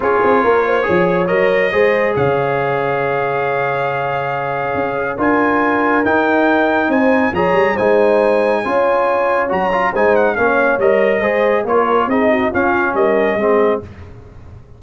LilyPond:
<<
  \new Staff \with { instrumentName = "trumpet" } { \time 4/4 \tempo 4 = 139 cis''2. dis''4~ | dis''4 f''2.~ | f''1 | gis''2 g''2 |
gis''4 ais''4 gis''2~ | gis''2 ais''4 gis''8 fis''8 | f''4 dis''2 cis''4 | dis''4 f''4 dis''2 | }
  \new Staff \with { instrumentName = "horn" } { \time 4/4 gis'4 ais'8 c''8 cis''2 | c''4 cis''2.~ | cis''1 | ais'1 |
c''4 cis''4 c''2 | cis''2. c''4 | cis''2 c''4 ais'4 | gis'8 fis'8 f'4 ais'4 gis'4 | }
  \new Staff \with { instrumentName = "trombone" } { \time 4/4 f'2 gis'4 ais'4 | gis'1~ | gis'1 | f'2 dis'2~ |
dis'4 gis'4 dis'2 | f'2 fis'8 f'8 dis'4 | cis'4 ais'4 gis'4 f'4 | dis'4 cis'2 c'4 | }
  \new Staff \with { instrumentName = "tuba" } { \time 4/4 cis'8 c'8 ais4 f4 fis4 | gis4 cis2.~ | cis2. cis'4 | d'2 dis'2 |
c'4 f8 g8 gis2 | cis'2 fis4 gis4 | ais4 g4 gis4 ais4 | c'4 cis'4 g4 gis4 | }
>>